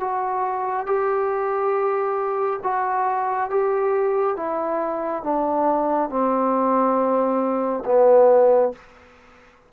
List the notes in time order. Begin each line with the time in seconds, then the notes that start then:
0.00 F#4
0.86 G4
2.63 F#4
3.49 G4
4.36 E4
5.23 D4
6.09 C4
7.85 B3